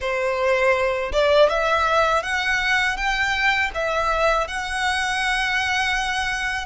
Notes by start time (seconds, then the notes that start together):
0.00 C5
1.12 D5
1.49 E5
2.23 F#5
2.96 G5
3.74 E5
4.47 F#5